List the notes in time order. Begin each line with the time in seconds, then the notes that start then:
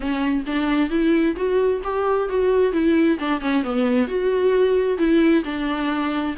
0.00 C#4
0.46 D4
0.90 E4
1.36 F#4
1.83 G4
2.29 F#4
2.72 E4
3.19 D4
3.40 C#4
3.63 B3
4.07 F#4
4.98 E4
5.44 D4